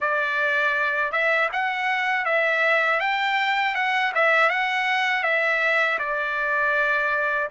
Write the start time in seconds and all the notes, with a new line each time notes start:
0.00 D5
1.11 E5
1.52 F#5
2.25 E5
3.00 G5
3.75 F#5
4.14 E5
4.49 F#5
5.23 E5
5.99 D5